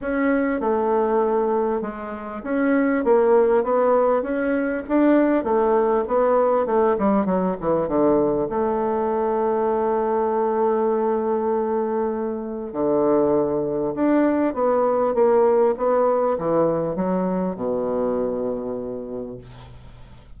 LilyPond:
\new Staff \with { instrumentName = "bassoon" } { \time 4/4 \tempo 4 = 99 cis'4 a2 gis4 | cis'4 ais4 b4 cis'4 | d'4 a4 b4 a8 g8 | fis8 e8 d4 a2~ |
a1~ | a4 d2 d'4 | b4 ais4 b4 e4 | fis4 b,2. | }